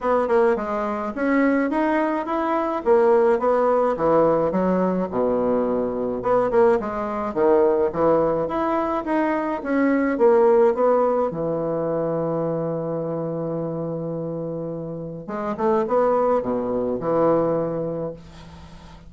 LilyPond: \new Staff \with { instrumentName = "bassoon" } { \time 4/4 \tempo 4 = 106 b8 ais8 gis4 cis'4 dis'4 | e'4 ais4 b4 e4 | fis4 b,2 b8 ais8 | gis4 dis4 e4 e'4 |
dis'4 cis'4 ais4 b4 | e1~ | e2. gis8 a8 | b4 b,4 e2 | }